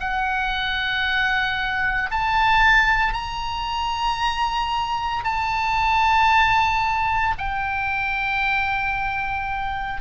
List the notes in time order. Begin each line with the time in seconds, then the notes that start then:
0.00 F#5
2.11 A5
3.13 A#5
5.24 A5
7.38 G5